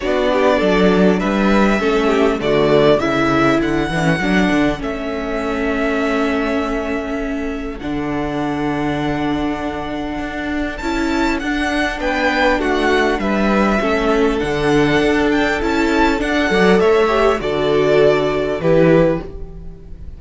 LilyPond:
<<
  \new Staff \with { instrumentName = "violin" } { \time 4/4 \tempo 4 = 100 d''2 e''2 | d''4 e''4 fis''2 | e''1~ | e''4 fis''2.~ |
fis''2 a''4 fis''4 | g''4 fis''4 e''2 | fis''4. g''8 a''4 fis''4 | e''4 d''2 b'4 | }
  \new Staff \with { instrumentName = "violin" } { \time 4/4 fis'8 g'8 a'4 b'4 a'8 g'8 | fis'4 a'2.~ | a'1~ | a'1~ |
a'1 | b'4 fis'4 b'4 a'4~ | a'2.~ a'8 d''8 | cis''4 a'2 g'4 | }
  \new Staff \with { instrumentName = "viola" } { \time 4/4 d'2. cis'4 | a4 e'4. d'16 cis'16 d'4 | cis'1~ | cis'4 d'2.~ |
d'2 e'4 d'4~ | d'2. cis'4 | d'2 e'4 d'8 a'8~ | a'8 g'8 fis'2 e'4 | }
  \new Staff \with { instrumentName = "cello" } { \time 4/4 b4 fis4 g4 a4 | d4 cis4 d8 e8 fis8 d8 | a1~ | a4 d2.~ |
d4 d'4 cis'4 d'4 | b4 a4 g4 a4 | d4 d'4 cis'4 d'8 fis8 | a4 d2 e4 | }
>>